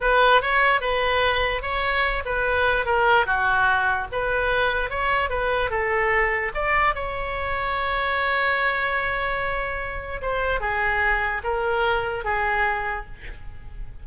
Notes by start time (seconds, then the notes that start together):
0.01 B4
0.41 C#5
0.80 B4
1.62 C#5
2.25 B4
2.85 A#4
3.26 F#4
4.12 B4
4.90 C#5
5.29 B4
5.70 A4
6.54 D5
6.94 C#5
10.21 C5
10.60 G#4
11.43 A#4
12.24 G#4